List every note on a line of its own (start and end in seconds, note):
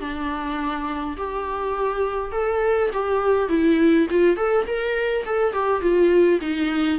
0.00 1.17 D4
1.17 2.32 G4
2.32 2.90 A4
2.93 3.48 G4
3.48 4.07 E4
4.10 4.36 F4
4.36 4.65 A4
4.66 5.25 A#4
5.25 5.53 A4
5.53 5.81 G4
5.81 6.39 F4
6.41 6.99 D#4